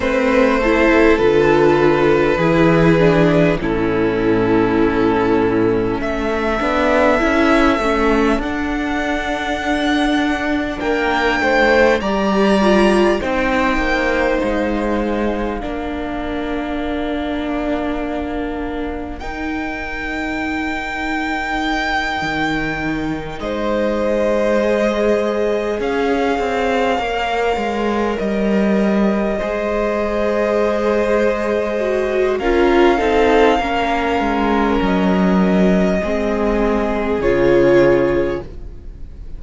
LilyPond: <<
  \new Staff \with { instrumentName = "violin" } { \time 4/4 \tempo 4 = 50 c''4 b'2 a'4~ | a'4 e''2 fis''4~ | fis''4 g''4 ais''4 g''4 | f''1 |
g''2.~ g''8 dis''8~ | dis''4. f''2 dis''8~ | dis''2. f''4~ | f''4 dis''2 cis''4 | }
  \new Staff \with { instrumentName = "violin" } { \time 4/4 b'8 a'4. gis'4 e'4~ | e'4 a'2.~ | a'4 ais'8 c''8 d''4 c''4~ | c''4 ais'2.~ |
ais'2.~ ais'8 c''8~ | c''4. cis''2~ cis''8~ | cis''8 c''2~ c''8 ais'8 a'8 | ais'2 gis'2 | }
  \new Staff \with { instrumentName = "viola" } { \time 4/4 c'8 e'8 f'4 e'8 d'8 cis'4~ | cis'4. d'8 e'8 cis'8 d'4~ | d'2 g'8 f'8 dis'4~ | dis'4 d'2. |
dis'1~ | dis'8 gis'2 ais'4.~ | ais'8 gis'2 fis'8 f'8 dis'8 | cis'2 c'4 f'4 | }
  \new Staff \with { instrumentName = "cello" } { \time 4/4 a4 d4 e4 a,4~ | a,4 a8 b8 cis'8 a8 d'4~ | d'4 ais8 a8 g4 c'8 ais8 | gis4 ais2. |
dis'2~ dis'8 dis4 gis8~ | gis4. cis'8 c'8 ais8 gis8 g8~ | g8 gis2~ gis8 cis'8 c'8 | ais8 gis8 fis4 gis4 cis4 | }
>>